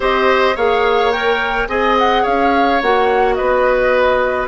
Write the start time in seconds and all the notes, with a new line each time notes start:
0.00 C4 G4 C5 D#5
0.55 A#3 G#4 C#5 F5
1.12 A#4 G5
1.67 C4 G#4 D#5 G#5
1.98 F#5
2.22 C#4 C#5 F5
2.82 A#3 F#4 F#5
3.34 B4 D#5
3.40 B3